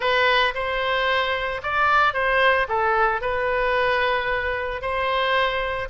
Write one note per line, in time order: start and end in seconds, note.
0.00 0.54 B4
0.54 1.61 C5
1.62 2.13 D5
2.13 2.67 C5
2.68 3.21 A4
3.21 4.81 B4
4.81 5.89 C5